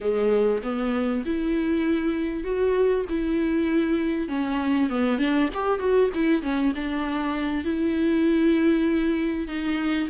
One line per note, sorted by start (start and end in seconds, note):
0.01 0.62 G#3
0.62 1.24 B3
1.25 2.44 E4
2.44 3.05 F#4
3.09 4.28 E4
4.28 4.89 C#4
4.89 5.18 B3
5.18 5.49 D4
5.54 5.79 G4
5.79 6.09 F#4
6.14 6.42 E4
6.42 6.73 C#4
6.75 7.64 D4
7.64 9.47 E4
9.47 10.09 D#4